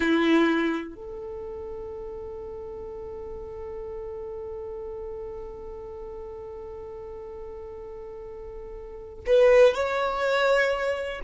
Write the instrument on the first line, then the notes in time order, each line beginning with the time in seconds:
violin
0.00 E4
0.95 A4
9.26 B4
9.74 C#5